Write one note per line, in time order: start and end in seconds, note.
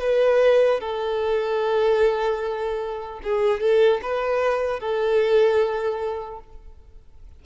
0.00 0.80 B4
0.80 3.20 A4
3.23 3.60 G#4
3.60 4.00 A4
4.02 4.80 B4
4.80 6.40 A4